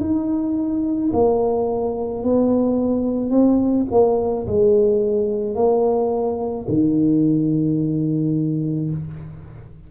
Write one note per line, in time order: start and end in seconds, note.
0.00 1.11 D#4
1.13 2.23 A#3
2.23 3.30 B3
3.30 3.86 C4
3.91 4.46 A#3
4.47 5.55 G#3
5.55 6.66 A#3
6.68 8.90 D#3